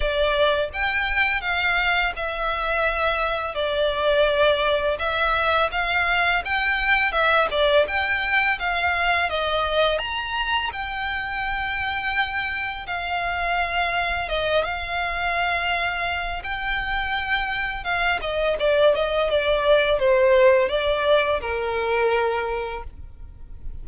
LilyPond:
\new Staff \with { instrumentName = "violin" } { \time 4/4 \tempo 4 = 84 d''4 g''4 f''4 e''4~ | e''4 d''2 e''4 | f''4 g''4 e''8 d''8 g''4 | f''4 dis''4 ais''4 g''4~ |
g''2 f''2 | dis''8 f''2~ f''8 g''4~ | g''4 f''8 dis''8 d''8 dis''8 d''4 | c''4 d''4 ais'2 | }